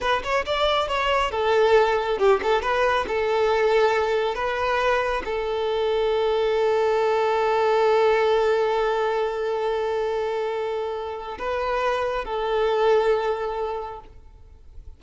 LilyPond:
\new Staff \with { instrumentName = "violin" } { \time 4/4 \tempo 4 = 137 b'8 cis''8 d''4 cis''4 a'4~ | a'4 g'8 a'8 b'4 a'4~ | a'2 b'2 | a'1~ |
a'1~ | a'1~ | a'2 b'2 | a'1 | }